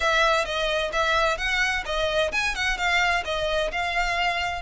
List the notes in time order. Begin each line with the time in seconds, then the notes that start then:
0.00 E5
0.45 D#5
0.92 E5
1.37 F#5
1.85 D#5
2.32 G#5
2.55 F#5
2.77 F5
3.25 D#5
3.71 F5